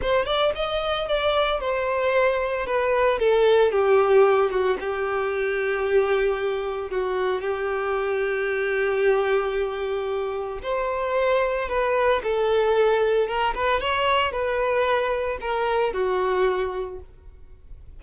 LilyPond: \new Staff \with { instrumentName = "violin" } { \time 4/4 \tempo 4 = 113 c''8 d''8 dis''4 d''4 c''4~ | c''4 b'4 a'4 g'4~ | g'8 fis'8 g'2.~ | g'4 fis'4 g'2~ |
g'1 | c''2 b'4 a'4~ | a'4 ais'8 b'8 cis''4 b'4~ | b'4 ais'4 fis'2 | }